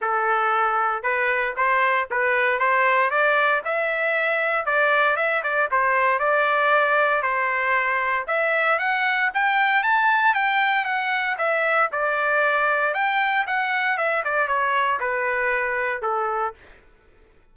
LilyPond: \new Staff \with { instrumentName = "trumpet" } { \time 4/4 \tempo 4 = 116 a'2 b'4 c''4 | b'4 c''4 d''4 e''4~ | e''4 d''4 e''8 d''8 c''4 | d''2 c''2 |
e''4 fis''4 g''4 a''4 | g''4 fis''4 e''4 d''4~ | d''4 g''4 fis''4 e''8 d''8 | cis''4 b'2 a'4 | }